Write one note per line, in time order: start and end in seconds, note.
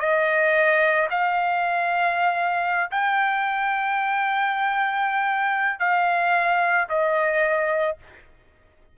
0.00 1.08 D#5
1.10 2.91 F5
2.91 5.80 G5
5.80 6.88 F5
6.89 7.97 D#5